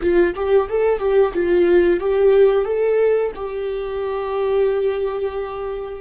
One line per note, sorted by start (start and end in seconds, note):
0.01 0.35 F4
0.35 0.68 G4
0.68 0.98 A4
0.98 1.32 G4
1.34 1.99 F4
1.99 2.65 G4
2.65 3.31 A4
3.35 6.01 G4